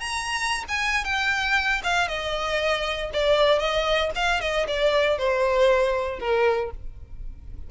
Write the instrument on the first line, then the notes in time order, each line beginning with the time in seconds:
violin
0.00 A#5
0.69 G#5
1.05 G5
1.84 F5
2.08 D#5
3.13 D5
3.59 D#5
4.15 F5
4.41 D#5
4.68 D5
5.18 C5
6.20 A#4